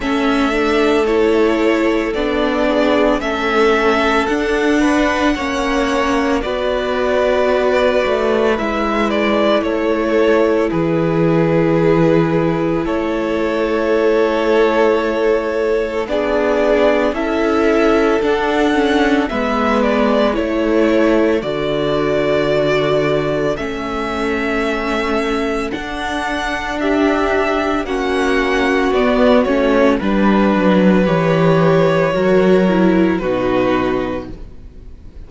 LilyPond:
<<
  \new Staff \with { instrumentName = "violin" } { \time 4/4 \tempo 4 = 56 e''4 cis''4 d''4 e''4 | fis''2 d''2 | e''8 d''8 cis''4 b'2 | cis''2. d''4 |
e''4 fis''4 e''8 d''8 cis''4 | d''2 e''2 | fis''4 e''4 fis''4 d''8 cis''8 | b'4 cis''2 b'4 | }
  \new Staff \with { instrumentName = "violin" } { \time 4/4 a'2~ a'8 gis'8 a'4~ | a'8 b'8 cis''4 b'2~ | b'4 a'4 gis'2 | a'2. gis'4 |
a'2 b'4 a'4~ | a'1~ | a'4 g'4 fis'2 | b'2 ais'4 fis'4 | }
  \new Staff \with { instrumentName = "viola" } { \time 4/4 cis'8 d'8 e'4 d'4 cis'4 | d'4 cis'4 fis'2 | e'1~ | e'2. d'4 |
e'4 d'8 cis'8 b4 e'4 | fis'2 cis'2 | d'2 cis'4 b8 cis'8 | d'4 g'4 fis'8 e'8 dis'4 | }
  \new Staff \with { instrumentName = "cello" } { \time 4/4 a2 b4 a4 | d'4 ais4 b4. a8 | gis4 a4 e2 | a2. b4 |
cis'4 d'4 gis4 a4 | d2 a2 | d'2 ais4 b8 a8 | g8 fis8 e4 fis4 b,4 | }
>>